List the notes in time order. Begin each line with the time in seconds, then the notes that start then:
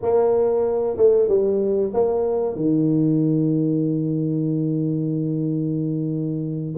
0.01 A#3
0.96 A3
1.28 G3
1.93 A#3
2.55 D#3